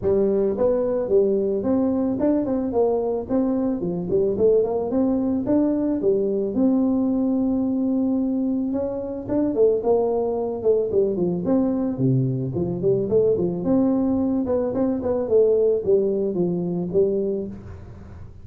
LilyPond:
\new Staff \with { instrumentName = "tuba" } { \time 4/4 \tempo 4 = 110 g4 b4 g4 c'4 | d'8 c'8 ais4 c'4 f8 g8 | a8 ais8 c'4 d'4 g4 | c'1 |
cis'4 d'8 a8 ais4. a8 | g8 f8 c'4 c4 f8 g8 | a8 f8 c'4. b8 c'8 b8 | a4 g4 f4 g4 | }